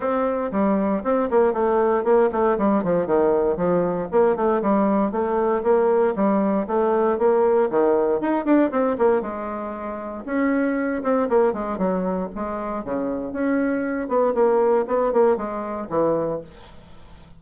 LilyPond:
\new Staff \with { instrumentName = "bassoon" } { \time 4/4 \tempo 4 = 117 c'4 g4 c'8 ais8 a4 | ais8 a8 g8 f8 dis4 f4 | ais8 a8 g4 a4 ais4 | g4 a4 ais4 dis4 |
dis'8 d'8 c'8 ais8 gis2 | cis'4. c'8 ais8 gis8 fis4 | gis4 cis4 cis'4. b8 | ais4 b8 ais8 gis4 e4 | }